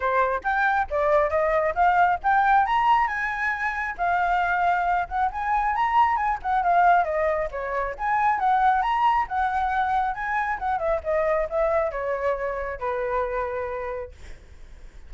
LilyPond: \new Staff \with { instrumentName = "flute" } { \time 4/4 \tempo 4 = 136 c''4 g''4 d''4 dis''4 | f''4 g''4 ais''4 gis''4~ | gis''4 f''2~ f''8 fis''8 | gis''4 ais''4 gis''8 fis''8 f''4 |
dis''4 cis''4 gis''4 fis''4 | ais''4 fis''2 gis''4 | fis''8 e''8 dis''4 e''4 cis''4~ | cis''4 b'2. | }